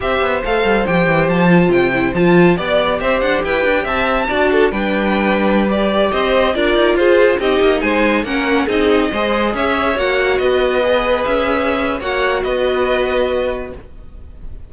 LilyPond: <<
  \new Staff \with { instrumentName = "violin" } { \time 4/4 \tempo 4 = 140 e''4 f''4 g''4 a''4 | g''4 a''4 d''4 e''8 fis''8 | g''4 a''2 g''4~ | g''4~ g''16 d''4 dis''4 d''8.~ |
d''16 c''4 dis''4 gis''4 fis''8.~ | fis''16 dis''2 e''4 fis''8.~ | fis''16 dis''2 e''4.~ e''16 | fis''4 dis''2. | }
  \new Staff \with { instrumentName = "violin" } { \time 4/4 c''1~ | c''2 d''4 c''4 | b'4 e''4 d''8 a'8 b'4~ | b'2~ b'16 c''4 ais'8.~ |
ais'16 gis'4 g'4 c''4 ais'8.~ | ais'16 gis'4 c''4 cis''4.~ cis''16~ | cis''16 b'2.~ b'8. | cis''4 b'2. | }
  \new Staff \with { instrumentName = "viola" } { \time 4/4 g'4 a'4 g'4. f'8~ | f'8 e'8 f'4 g'2~ | g'2 fis'4 d'4~ | d'4~ d'16 g'2 f'8.~ |
f'4~ f'16 dis'2 cis'8.~ | cis'16 dis'4 gis'2 fis'8.~ | fis'4~ fis'16 gis'2~ gis'8. | fis'1 | }
  \new Staff \with { instrumentName = "cello" } { \time 4/4 c'8 b8 a8 g8 f8 e8 f4 | c4 f4 b4 c'8 d'8 | e'8 d'8 c'4 d'4 g4~ | g2~ g16 c'4 d'8 dis'16~ |
dis'16 f'4 c'8 ais8 gis4 ais8.~ | ais16 c'4 gis4 cis'4 ais8.~ | ais16 b2 cis'4.~ cis'16 | ais4 b2. | }
>>